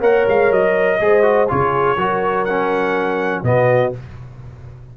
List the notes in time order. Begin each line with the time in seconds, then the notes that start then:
0.00 A#3 A#4 C#5 F#5
0.27 G#3 F5
0.51 F#3 D#5
1.00 G#3 G#4 C5
1.22 F#4
1.48 C#3 F4 G#4 C#5
1.96 F#3 F#4 A#4
2.44 C#4 F#5
3.42 B2 B3 F#4 D#5